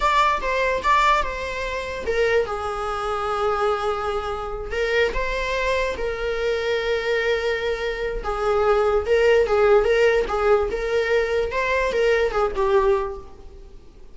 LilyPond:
\new Staff \with { instrumentName = "viola" } { \time 4/4 \tempo 4 = 146 d''4 c''4 d''4 c''4~ | c''4 ais'4 gis'2~ | gis'2.~ gis'8 ais'8~ | ais'8 c''2 ais'4.~ |
ais'1 | gis'2 ais'4 gis'4 | ais'4 gis'4 ais'2 | c''4 ais'4 gis'8 g'4. | }